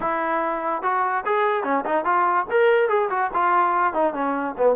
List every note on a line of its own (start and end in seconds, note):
0.00 0.82 E4
0.82 1.23 F#4
1.25 1.63 G#4
1.63 1.84 C#4
1.85 2.04 D#4
2.04 2.46 F4
2.50 2.88 A#4
2.88 3.09 G#4
3.10 3.30 F#4
3.33 3.93 F4
3.93 4.13 D#4
4.13 4.55 C#4
4.57 4.76 B3